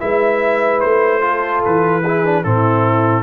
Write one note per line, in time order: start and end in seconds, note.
0.00 0.84 G#3
0.00 1.21 E4
0.00 1.23 B4
0.00 0.81 E5
0.81 1.65 A3
0.81 1.62 C5
1.21 2.03 F4
1.21 2.03 A4
1.65 2.46 E3
1.65 2.44 B4
2.03 2.25 E4
2.03 2.43 G#4
2.25 2.45 D4
2.44 3.24 A2
2.44 3.24 C4
2.44 3.24 E4
2.44 3.24 A4